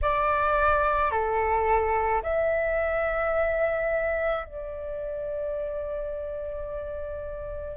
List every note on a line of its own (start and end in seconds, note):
0.02 1.11 D5
1.11 2.22 A4
2.22 4.44 E5
4.44 7.76 D5